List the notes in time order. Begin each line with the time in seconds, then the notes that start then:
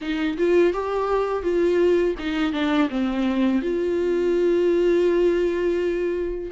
0.01 D#4
0.37 F4
0.73 G4
1.42 F4
2.19 D#4
2.52 D4
2.89 C4
3.62 F4